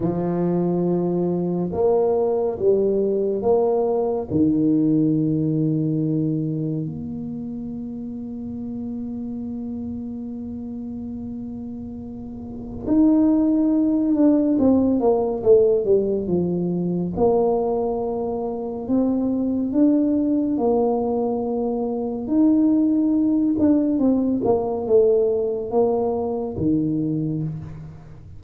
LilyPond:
\new Staff \with { instrumentName = "tuba" } { \time 4/4 \tempo 4 = 70 f2 ais4 g4 | ais4 dis2. | ais1~ | ais2. dis'4~ |
dis'8 d'8 c'8 ais8 a8 g8 f4 | ais2 c'4 d'4 | ais2 dis'4. d'8 | c'8 ais8 a4 ais4 dis4 | }